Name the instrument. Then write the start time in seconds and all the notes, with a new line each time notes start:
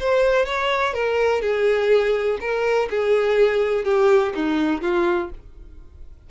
violin
0.00 C5
0.46 C#5
0.94 A#4
1.42 G#4
2.41 A#4
2.90 G#4
3.84 G4
4.35 D#4
4.82 F4